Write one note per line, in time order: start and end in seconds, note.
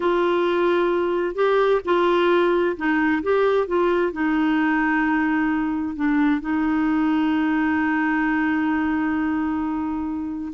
0.00 1.35 F4
1.35 1.80 G4
1.84 2.76 F4
2.76 3.22 D#4
3.22 3.67 G4
3.67 4.12 F4
4.12 5.95 D#4
5.95 6.40 D4
6.40 10.53 D#4